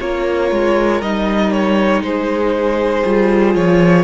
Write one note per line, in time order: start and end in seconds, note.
0.00 0.51 A#3
0.00 1.02 F4
0.00 2.05 A#4
0.00 1.02 C#5
0.51 1.02 G#3
1.02 2.01 G3
1.02 3.05 D#4
1.02 1.52 D#5
1.52 2.03 C#5
2.01 3.03 G#3
2.01 4.04 G#4
2.01 3.55 C5
3.05 3.55 G3
3.05 4.04 F4
3.55 4.04 F3
3.55 4.04 C#5